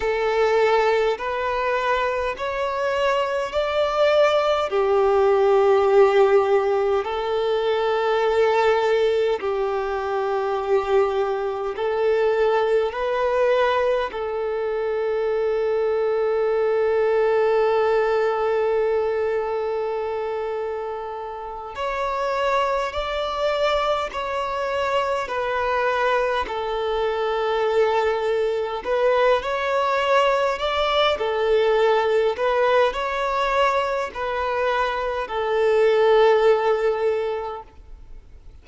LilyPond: \new Staff \with { instrumentName = "violin" } { \time 4/4 \tempo 4 = 51 a'4 b'4 cis''4 d''4 | g'2 a'2 | g'2 a'4 b'4 | a'1~ |
a'2~ a'8 cis''4 d''8~ | d''8 cis''4 b'4 a'4.~ | a'8 b'8 cis''4 d''8 a'4 b'8 | cis''4 b'4 a'2 | }